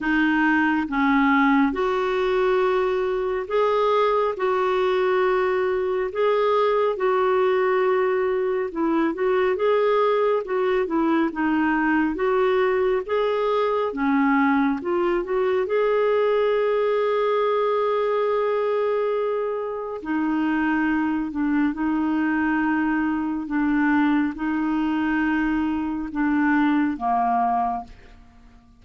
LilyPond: \new Staff \with { instrumentName = "clarinet" } { \time 4/4 \tempo 4 = 69 dis'4 cis'4 fis'2 | gis'4 fis'2 gis'4 | fis'2 e'8 fis'8 gis'4 | fis'8 e'8 dis'4 fis'4 gis'4 |
cis'4 f'8 fis'8 gis'2~ | gis'2. dis'4~ | dis'8 d'8 dis'2 d'4 | dis'2 d'4 ais4 | }